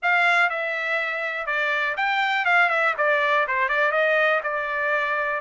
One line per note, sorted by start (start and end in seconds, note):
0.02 0.49 F5
0.49 1.46 E5
1.46 1.95 D5
1.96 2.45 G5
2.45 2.69 F5
2.69 2.94 E5
2.97 3.46 D5
3.47 3.68 C5
3.68 3.91 D5
3.91 4.41 D#5
4.43 5.40 D5